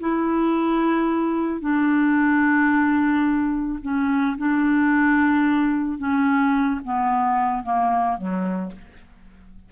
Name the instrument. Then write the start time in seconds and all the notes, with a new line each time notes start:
clarinet
0.00 E4
1.61 D4
3.82 C#4
4.37 D4
5.99 C#4
6.84 B3
7.63 A#3
8.17 F#3